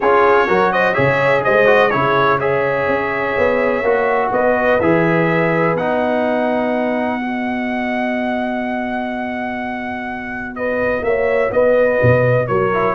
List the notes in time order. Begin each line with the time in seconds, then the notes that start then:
0.00 C#4 F4 G#4 C#5
0.46 F#3 F#4 A#4
0.72 C5 D#5
0.94 C#3 G#4 C#5 E5
1.43 G#3 C5 D#5
1.66 F#4
1.90 C#3 E4 G#4 C#5
2.39 G#4 C#5 E5
2.87 C#4
3.37 B3
3.82 A#3 F#4
4.31 B3 B4 D#5
4.80 E3 G#4 E5
5.74 B3 D#4 F#5
7.20 F#4 D#5
10.55 B4 D#5
11.02 A#3 C#5 E5
11.51 B3 B4 D#5
12.02 B2
12.47 F#3 A#4 C#5
12.73 E4